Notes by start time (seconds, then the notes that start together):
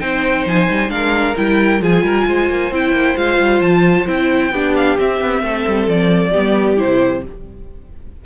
0.00 C4 D#4 C5 G5
0.46 F3 G#5
0.70 G3
0.89 G#3 D4 A#4 F5
1.36 G3 E4 G5
1.82 F3 F4 G#4 G#5
2.03 G3 A#4
2.27 G#3 C5
2.50 A#3
2.71 C4 E4 G5
2.92 A#3
3.17 G#3 F4 F5
3.40 G3
3.61 F3 A5
4.07 C4 E4 G5
4.52 B3 D4 G4
4.76 F5
4.98 C4 E5
5.21 B3
5.42 A3 A4
5.68 G3
5.88 F3 D5
6.31 B3 G4
6.37 G3
6.77 C3 E4 C5